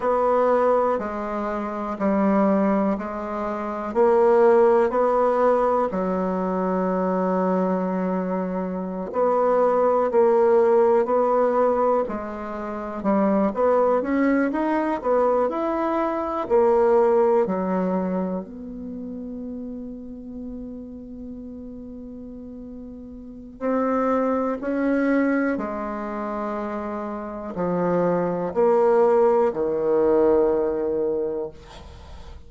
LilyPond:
\new Staff \with { instrumentName = "bassoon" } { \time 4/4 \tempo 4 = 61 b4 gis4 g4 gis4 | ais4 b4 fis2~ | fis4~ fis16 b4 ais4 b8.~ | b16 gis4 g8 b8 cis'8 dis'8 b8 e'16~ |
e'8. ais4 fis4 b4~ b16~ | b1 | c'4 cis'4 gis2 | f4 ais4 dis2 | }